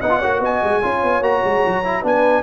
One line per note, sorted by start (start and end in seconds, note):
0.00 0.21 B3
0.00 0.09 D#4
0.00 0.18 D#5
0.00 0.41 F#5
0.09 0.19 F4
0.18 0.39 A#3
0.18 0.82 F#4
0.18 0.39 C#5
0.39 0.59 B3
0.39 0.81 D#5
0.39 1.23 G#5
0.63 0.83 G#3
0.81 1.02 C#4
0.81 1.22 F4
0.81 2.01 C#5
1.02 1.20 B3
1.20 1.40 A#3
1.20 1.83 F#4
1.20 2.04 A#5
1.44 1.64 G#3
1.66 2.03 F#3
1.84 2.03 E4
2.01 2.42 B3
2.01 2.42 D4
2.01 2.42 B4
2.01 2.42 G#5